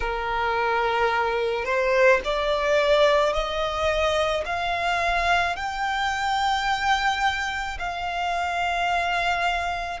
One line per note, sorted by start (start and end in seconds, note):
0.00 1.65 A#4
1.65 2.20 C5
2.24 3.33 D5
3.33 4.44 D#5
4.45 5.56 F5
5.56 7.78 G5
7.78 10.00 F5